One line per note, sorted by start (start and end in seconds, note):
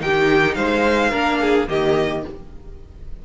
0.00 0.56 D#3
0.00 1.12 D#4
0.00 0.56 G4
0.00 0.55 G5
0.55 1.12 G#3
0.55 1.11 C5
0.55 1.67 F5
1.11 1.68 A#3
1.11 1.67 D4
1.11 1.39 A#4
1.41 1.69 G#4
1.67 2.24 D#3
1.67 2.23 A#3
1.67 2.25 G4
1.67 2.25 D#5